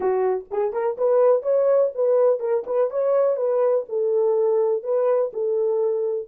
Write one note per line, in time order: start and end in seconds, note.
0.00 0.44 F#4
0.50 0.72 G#4
0.72 0.97 A#4
0.97 1.42 B4
1.42 1.90 C#5
1.95 2.39 B4
2.39 2.63 A#4
2.66 2.90 B4
2.90 3.36 C#5
3.36 3.84 B4
3.88 4.83 A4
4.83 5.31 B4
5.33 6.28 A4